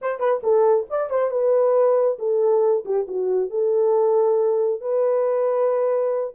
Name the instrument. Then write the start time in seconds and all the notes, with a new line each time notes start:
horn
0.01 C5
0.19 B4
0.43 A4
0.90 D5
1.10 C5
1.30 B4
2.18 A4
2.85 G4
3.07 F#4
3.50 A4
4.80 B4